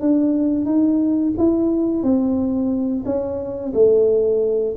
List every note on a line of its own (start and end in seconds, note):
0.00 0.65 D4
0.65 1.33 D#4
1.37 2.03 E4
2.03 3.04 C4
3.05 3.72 C#4
3.74 4.75 A3